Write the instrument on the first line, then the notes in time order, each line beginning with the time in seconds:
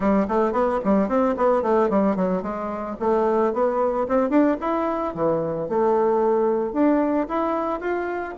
bassoon
0.00 G3
0.28 A3
0.52 B3
0.84 G3
1.08 C4
1.37 B3
1.62 A3
1.89 G3
2.15 F#3
2.42 G#3
2.99 A3
3.53 B3
4.08 C4
4.29 D4
4.60 E4
5.14 E3
5.68 A3
6.72 D4
7.28 E4
7.80 F4